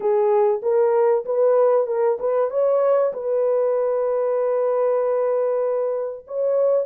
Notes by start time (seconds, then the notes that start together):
0.00 G#4
0.62 A#4
1.25 B4
1.86 A#4
2.19 B4
2.50 C#5
3.13 B4
6.27 C#5